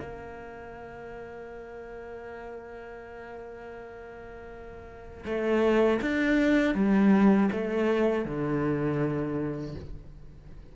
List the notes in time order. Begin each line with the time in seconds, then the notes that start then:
0.00 A#3
5.26 A3
6.02 D4
6.75 G3
7.52 A3
8.25 D3